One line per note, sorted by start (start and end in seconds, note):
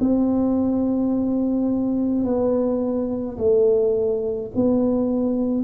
0.00 2.25 C4
2.25 3.38 B3
3.38 4.51 A3
4.56 5.64 B3